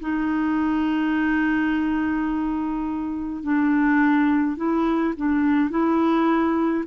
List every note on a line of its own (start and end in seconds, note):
0.00 3.43 D#4
3.43 4.57 D4
4.57 5.14 E4
5.17 5.70 D4
5.70 6.84 E4